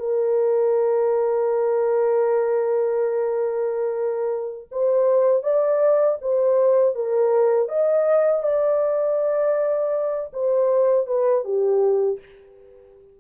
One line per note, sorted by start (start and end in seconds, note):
0.00 4.69 A#4
4.72 5.43 C5
5.43 6.18 D5
6.22 6.95 C5
6.95 7.69 A#4
7.69 8.43 D#5
8.43 10.31 D5
10.33 11.07 C5
11.07 11.44 B4
11.44 12.19 G4